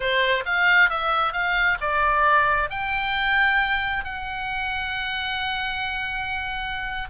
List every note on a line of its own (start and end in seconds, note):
0.00 0.44 C5
0.45 0.89 F5
0.89 1.32 E5
1.32 1.77 F5
1.80 2.70 D5
2.70 4.04 G5
4.04 7.08 F#5